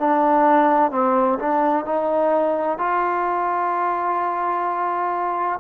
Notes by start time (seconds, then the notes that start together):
0.00 D4
0.92 C4
1.39 D4
1.85 D#4
2.79 F4